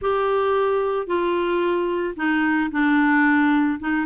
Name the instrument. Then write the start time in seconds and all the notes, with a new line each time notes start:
clarinet
0.01 G4
1.06 F4
2.16 D#4
2.71 D4
3.79 D#4